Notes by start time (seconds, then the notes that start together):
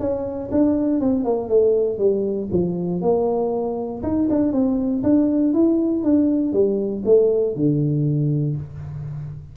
0.00 C#4
0.52 D4
1.01 C4
1.25 A#3
1.49 A3
1.99 G3
2.52 F3
3.02 A#3
4.03 D#4
4.30 D4
4.53 C4
5.04 D4
5.54 E4
6.04 D4
6.53 G3
7.05 A3
7.56 D3